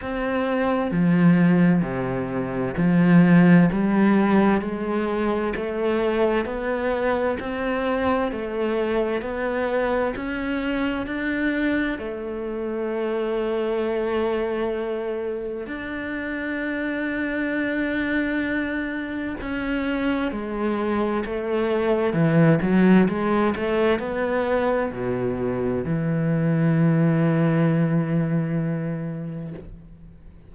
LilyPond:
\new Staff \with { instrumentName = "cello" } { \time 4/4 \tempo 4 = 65 c'4 f4 c4 f4 | g4 gis4 a4 b4 | c'4 a4 b4 cis'4 | d'4 a2.~ |
a4 d'2.~ | d'4 cis'4 gis4 a4 | e8 fis8 gis8 a8 b4 b,4 | e1 | }